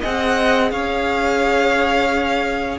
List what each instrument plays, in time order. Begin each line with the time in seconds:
0.00 cello C4, viola G#4, violin D#5 F#5
0.71 cello C#4, violin C#5 F5